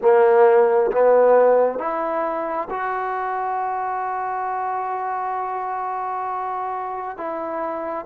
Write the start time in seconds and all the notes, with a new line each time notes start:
0.01 A#3
0.91 B3
1.78 E4
2.69 F#4
7.17 E4